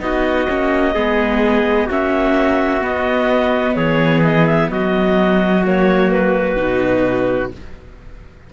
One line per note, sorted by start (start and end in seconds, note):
0.00 0.47 B3
0.00 0.47 D#4
0.00 0.95 F#4
0.00 1.89 D#5
0.49 0.95 A#3
0.49 0.96 C#4
0.95 1.89 G#3
0.95 1.90 B3
0.95 1.87 G#4
1.87 2.82 A#3
1.87 2.81 C#4
1.87 3.75 F#4
1.87 2.85 E5
2.81 5.63 B3
2.81 3.76 B3
2.81 3.75 D#5
3.75 4.70 E3
3.75 4.71 G#4
3.75 4.22 C#5
4.23 4.46 D#5
4.46 4.70 E5
4.70 6.57 F#3
4.70 7.53 F#4
4.70 5.64 D#5
5.65 6.57 A#3
5.65 6.11 C#5
6.11 7.52 B4
6.57 7.52 B2
6.57 7.50 D#4